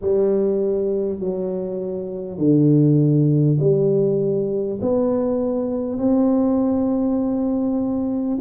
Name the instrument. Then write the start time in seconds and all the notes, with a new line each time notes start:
tuba
0.01 G3
1.19 F#3
2.38 D3
3.59 G3
4.81 B3
5.98 C4